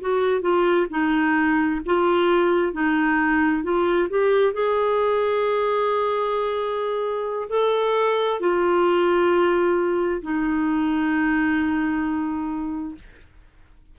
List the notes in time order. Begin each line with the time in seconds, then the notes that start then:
0.00 F#4
0.41 F4
0.90 D#4
1.86 F4
2.73 D#4
3.63 F4
4.10 G4
4.53 G#4
7.49 A4
8.40 F4
10.22 D#4